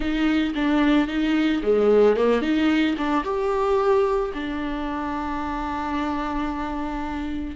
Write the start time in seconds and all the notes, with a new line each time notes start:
0.00 D#4
0.55 D4
1.07 D#4
1.62 G#3
2.16 A#3
2.41 D#4
2.97 D4
3.24 G4
4.33 D4